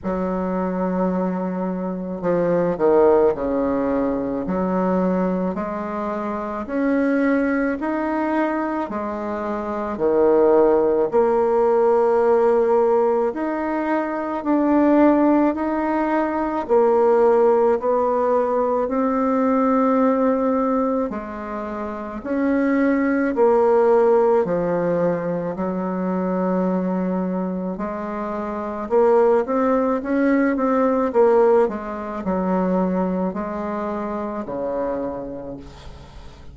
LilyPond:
\new Staff \with { instrumentName = "bassoon" } { \time 4/4 \tempo 4 = 54 fis2 f8 dis8 cis4 | fis4 gis4 cis'4 dis'4 | gis4 dis4 ais2 | dis'4 d'4 dis'4 ais4 |
b4 c'2 gis4 | cis'4 ais4 f4 fis4~ | fis4 gis4 ais8 c'8 cis'8 c'8 | ais8 gis8 fis4 gis4 cis4 | }